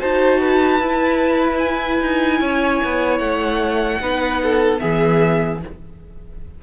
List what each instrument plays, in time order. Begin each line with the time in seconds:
0.00 cello D#4, viola F#4, violin C5 A5
0.41 violin B4
0.80 cello E4, viola E4
1.59 violin G#5
2.01 cello D#4
2.41 cello C#4, violin C#5
2.85 cello B3
3.19 cello A3, violin F#5
4.00 cello B3, viola D#4, violin B4
4.44 violin A4
4.79 cello E3, viola B3, violin G#4 E5